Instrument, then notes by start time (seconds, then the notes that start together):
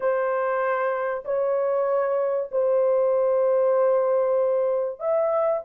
horn
0.00 C5
1.24 C#5
2.51 C5
4.99 E5